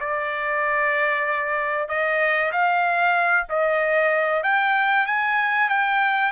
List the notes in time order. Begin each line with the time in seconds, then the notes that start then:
0.00 D5
1.89 D#5
2.52 F5
3.49 D#5
4.43 G5
5.06 G#5
5.69 G5